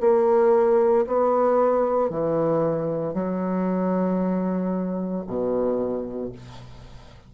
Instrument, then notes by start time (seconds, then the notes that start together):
bassoon
0.00 A#3
1.06 B3
2.10 E3
3.13 F#3
5.27 B2